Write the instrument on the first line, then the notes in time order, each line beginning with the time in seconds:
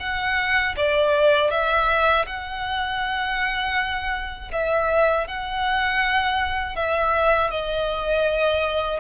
violin
0.00 F#5
0.77 D5
1.51 E5
2.27 F#5
4.53 E5
5.28 F#5
6.76 E5
7.51 D#5